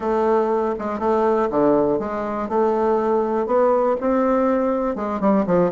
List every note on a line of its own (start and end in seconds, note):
0.00 0.74 A3
0.78 0.99 G#3
0.99 1.49 A3
1.50 1.99 D3
1.99 2.48 G#3
2.49 3.46 A3
3.46 3.96 B3
4.00 4.95 C4
4.95 5.20 G#3
5.20 5.45 G3
5.46 5.71 F3